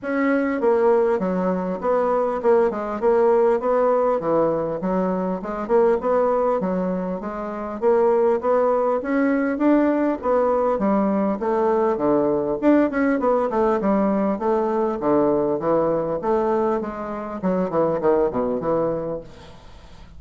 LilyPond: \new Staff \with { instrumentName = "bassoon" } { \time 4/4 \tempo 4 = 100 cis'4 ais4 fis4 b4 | ais8 gis8 ais4 b4 e4 | fis4 gis8 ais8 b4 fis4 | gis4 ais4 b4 cis'4 |
d'4 b4 g4 a4 | d4 d'8 cis'8 b8 a8 g4 | a4 d4 e4 a4 | gis4 fis8 e8 dis8 b,8 e4 | }